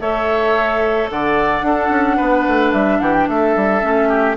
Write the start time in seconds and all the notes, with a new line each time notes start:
0.00 A3 A4 C#5 E5
1.10 D3 D5 F#5
1.62 D4 A4
1.89 C#4
2.17 B3 B4
2.48 A3
2.73 G3 E5
3.00 E3 G4 F#5
3.13 G5
3.28 A3 A4 E5
3.56 G3
3.81 A3 C#4
4.09 G4